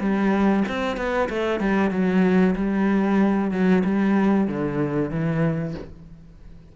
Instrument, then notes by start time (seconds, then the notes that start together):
cello
0.00 G3
0.68 C4
0.97 B3
1.29 A3
1.60 G3
1.91 F#3
2.56 G3
3.51 F#3
3.85 G3
4.48 D3
5.11 E3